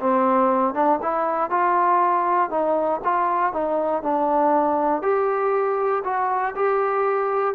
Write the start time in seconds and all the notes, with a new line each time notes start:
0.00 C4
0.74 D4
1.02 E4
1.50 F4
2.50 D#4
3.04 F4
3.53 D#4
4.02 D4
5.02 G4
6.04 F#4
6.55 G4